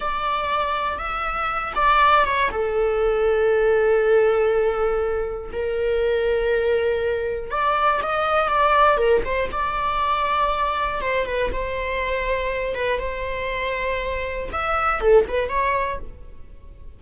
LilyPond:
\new Staff \with { instrumentName = "viola" } { \time 4/4 \tempo 4 = 120 d''2 e''4. d''8~ | d''8 cis''8 a'2.~ | a'2. ais'4~ | ais'2. d''4 |
dis''4 d''4 ais'8 c''8 d''4~ | d''2 c''8 b'8 c''4~ | c''4. b'8 c''2~ | c''4 e''4 a'8 b'8 cis''4 | }